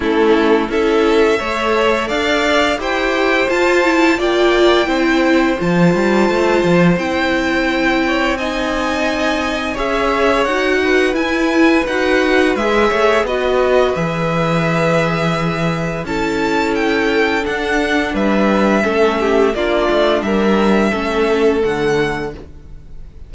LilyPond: <<
  \new Staff \with { instrumentName = "violin" } { \time 4/4 \tempo 4 = 86 a'4 e''2 f''4 | g''4 a''4 g''2 | a''2 g''2 | gis''2 e''4 fis''4 |
gis''4 fis''4 e''4 dis''4 | e''2. a''4 | g''4 fis''4 e''2 | d''4 e''2 fis''4 | }
  \new Staff \with { instrumentName = "violin" } { \time 4/4 e'4 a'4 cis''4 d''4 | c''2 d''4 c''4~ | c''2.~ c''8 cis''8 | dis''2 cis''4. b'8~ |
b'2~ b'8 cis''8 b'4~ | b'2. a'4~ | a'2 b'4 a'8 g'8 | f'4 ais'4 a'2 | }
  \new Staff \with { instrumentName = "viola" } { \time 4/4 cis'4 e'4 a'2 | g'4 f'8 e'8 f'4 e'4 | f'2 e'2 | dis'2 gis'4 fis'4 |
e'4 fis'4 gis'4 fis'4 | gis'2. e'4~ | e'4 d'2 cis'4 | d'2 cis'4 a4 | }
  \new Staff \with { instrumentName = "cello" } { \time 4/4 a4 cis'4 a4 d'4 | e'4 f'4 ais4 c'4 | f8 g8 a8 f8 c'2~ | c'2 cis'4 dis'4 |
e'4 dis'4 gis8 a8 b4 | e2. cis'4~ | cis'4 d'4 g4 a4 | ais8 a8 g4 a4 d4 | }
>>